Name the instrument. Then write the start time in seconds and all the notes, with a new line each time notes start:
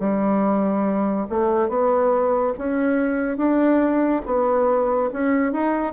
bassoon
0.00 G3
1.29 A3
1.69 B3
2.58 C#4
3.37 D4
4.26 B3
5.13 C#4
5.52 D#4